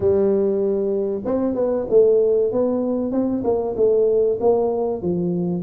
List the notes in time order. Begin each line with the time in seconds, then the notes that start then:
0.00 G3
1.24 C4
1.55 B3
1.89 A3
2.52 B3
3.11 C4
3.43 A#3
3.76 A3
4.40 A#3
5.01 F3